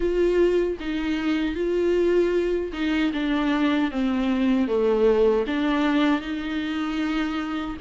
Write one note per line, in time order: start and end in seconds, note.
0.00 0.77 F4
0.80 1.55 D#4
1.55 2.72 F4
2.73 3.12 D#4
3.13 3.91 D4
3.91 4.67 C4
4.67 5.45 A3
5.46 6.21 D4
6.21 7.76 D#4